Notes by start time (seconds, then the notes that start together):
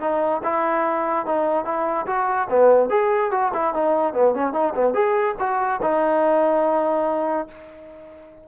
0.00 D#4
0.43 E4
1.26 D#4
1.65 E4
2.06 F#4
2.50 B3
2.90 G#4
3.31 F#4
3.53 E4
3.74 D#4
4.14 B3
4.34 C#4
4.53 D#4
4.75 B3
4.94 G#4
5.39 F#4
5.82 D#4